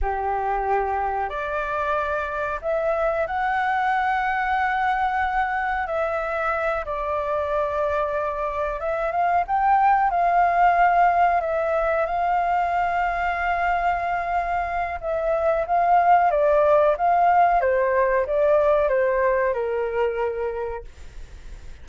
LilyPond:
\new Staff \with { instrumentName = "flute" } { \time 4/4 \tempo 4 = 92 g'2 d''2 | e''4 fis''2.~ | fis''4 e''4. d''4.~ | d''4. e''8 f''8 g''4 f''8~ |
f''4. e''4 f''4.~ | f''2. e''4 | f''4 d''4 f''4 c''4 | d''4 c''4 ais'2 | }